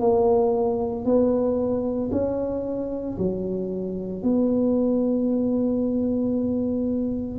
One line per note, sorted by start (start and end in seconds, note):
0.00 1.04 A#3
1.04 2.10 B3
2.11 3.17 C#4
3.18 4.22 F#3
4.22 7.38 B3